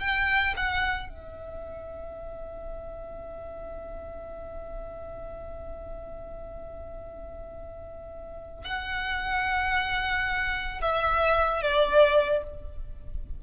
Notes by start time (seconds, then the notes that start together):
0.00 G5
0.57 F#5
1.10 E5
8.65 F#5
10.81 E5
11.62 D5